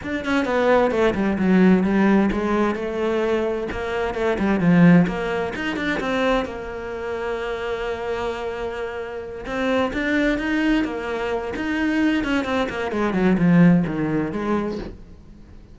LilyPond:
\new Staff \with { instrumentName = "cello" } { \time 4/4 \tempo 4 = 130 d'8 cis'8 b4 a8 g8 fis4 | g4 gis4 a2 | ais4 a8 g8 f4 ais4 | dis'8 d'8 c'4 ais2~ |
ais1~ | ais8 c'4 d'4 dis'4 ais8~ | ais4 dis'4. cis'8 c'8 ais8 | gis8 fis8 f4 dis4 gis4 | }